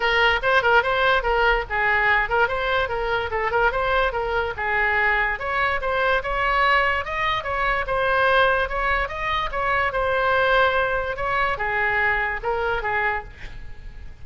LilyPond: \new Staff \with { instrumentName = "oboe" } { \time 4/4 \tempo 4 = 145 ais'4 c''8 ais'8 c''4 ais'4 | gis'4. ais'8 c''4 ais'4 | a'8 ais'8 c''4 ais'4 gis'4~ | gis'4 cis''4 c''4 cis''4~ |
cis''4 dis''4 cis''4 c''4~ | c''4 cis''4 dis''4 cis''4 | c''2. cis''4 | gis'2 ais'4 gis'4 | }